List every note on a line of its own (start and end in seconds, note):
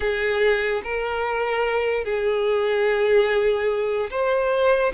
0.00 0.82 G#4
0.83 2.04 A#4
2.04 4.09 G#4
4.10 4.92 C5